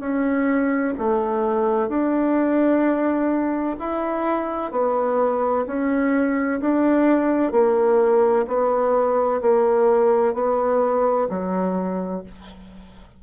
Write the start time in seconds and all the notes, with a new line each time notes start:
0.00 C#4
0.98 A3
1.88 D4
3.79 E4
4.71 B3
5.66 C#4
6.61 D4
7.52 A#3
8.47 B3
9.41 A#3
10.34 B3
11.29 F#3